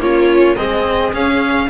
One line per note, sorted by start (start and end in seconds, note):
0.00 0.56 A#3
0.00 0.56 C#4
0.00 0.57 F4
0.00 0.56 C#5
0.56 1.13 G#3
0.56 1.13 C4
0.56 1.69 G#4
0.56 1.12 D#5
1.13 1.69 C#4
1.13 1.70 C#4
1.13 1.70 F5